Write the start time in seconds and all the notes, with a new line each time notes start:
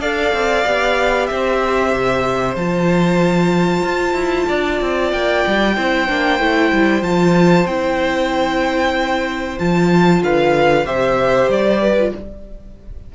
0.00 D4 A4 D5 F5
0.33 C4
0.65 B3 G4
1.26 C4 C5 E5
1.93 C3
2.55 F3 F4 A5
3.83 F4
4.13 E4
4.47 D4 D5
4.81 C4
5.12 A#3 G5
5.47 G3
5.76 C4 E4 C5
6.07 A#3 D4
6.39 A3 E4
6.72 G3
7.02 F3 F4 A5
7.65 C4 E4 G5
9.59 F3 F4 A5
10.22 D3 B4 F5
10.84 C3 G4 C5 E5
11.48 G3 D5
11.80 B4
11.98 F4